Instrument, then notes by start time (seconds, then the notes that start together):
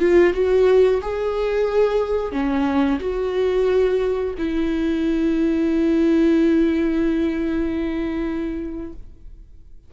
viola
0.00 F4
0.34 F#4
1.02 G#4
2.32 C#4
3.00 F#4
4.38 E4